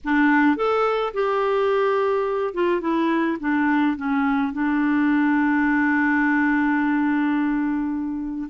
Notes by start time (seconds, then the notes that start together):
0.04 D4
0.56 A4
1.13 G4
2.53 F4
2.80 E4
3.40 D4
3.96 C#4
4.52 D4